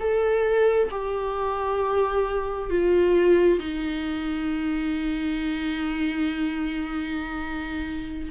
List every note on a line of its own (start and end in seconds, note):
0.00 0.90 A4
0.91 2.70 G4
2.70 3.59 F4
3.59 8.30 D#4